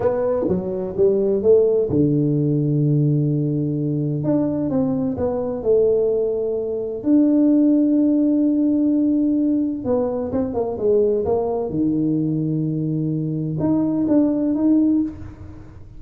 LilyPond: \new Staff \with { instrumentName = "tuba" } { \time 4/4 \tempo 4 = 128 b4 fis4 g4 a4 | d1~ | d4 d'4 c'4 b4 | a2. d'4~ |
d'1~ | d'4 b4 c'8 ais8 gis4 | ais4 dis2.~ | dis4 dis'4 d'4 dis'4 | }